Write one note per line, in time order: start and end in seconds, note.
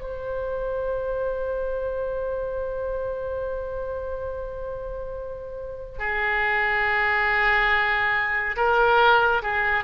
0.00 5.98 C5
5.98 8.56 G#4
8.56 9.42 A#4
9.42 9.84 G#4